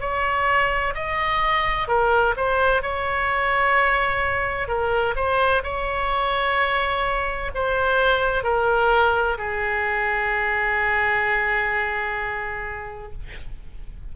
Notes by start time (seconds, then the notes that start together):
0.00 C#5
0.95 D#5
1.88 A#4
2.37 C5
2.82 C#5
4.68 A#4
5.16 C5
5.63 C#5
7.55 C5
8.43 A#4
9.37 G#4